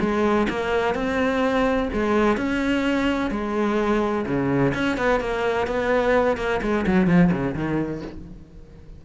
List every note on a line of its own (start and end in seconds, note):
0.00 0.47 G#3
0.49 0.94 A#3
0.94 1.89 C4
1.93 2.37 G#3
2.37 3.31 C#4
3.31 4.25 G#3
4.26 4.74 C#3
4.74 4.97 C#4
4.97 5.20 B3
5.20 5.67 A#3
5.67 6.37 B3
6.37 6.61 A#3
6.62 6.85 G#3
6.86 7.07 F#3
7.07 7.31 F3
7.32 7.55 C#3
7.55 8.02 D#3